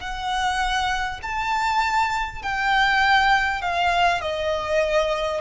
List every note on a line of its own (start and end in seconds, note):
0.00 1.20 F#5
1.22 2.42 A5
2.42 3.61 G5
3.61 4.21 F5
4.21 5.41 D#5